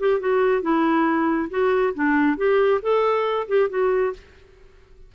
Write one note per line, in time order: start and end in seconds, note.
0.00 0.20 G4
0.20 0.62 F#4
0.62 1.49 E4
1.50 1.94 F#4
1.95 2.38 D4
2.38 2.81 G4
2.82 3.47 A4
3.48 3.70 G4
3.70 4.13 F#4